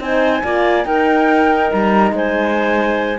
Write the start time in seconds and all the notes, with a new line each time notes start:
0.00 C4 D#4 C5 G#5
0.44 A#3 F4 D5
0.85 D#4 A#4 G5
1.72 G3 A#5
2.12 G#3 C5 G#5